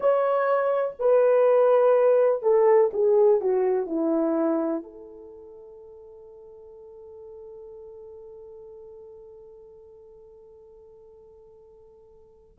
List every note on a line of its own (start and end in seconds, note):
0.00 0.94 C#5
0.99 2.42 B4
2.42 2.90 A4
2.93 3.40 G#4
3.40 3.86 F#4
3.86 4.83 E4
4.83 12.57 A4